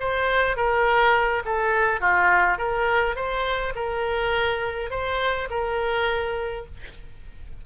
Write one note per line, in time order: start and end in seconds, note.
0.00 0.57 C5
0.57 1.43 A#4
1.46 2.01 A4
2.01 2.58 F4
2.58 3.16 A#4
3.16 3.73 C5
3.75 4.91 A#4
4.91 5.48 C5
5.50 6.66 A#4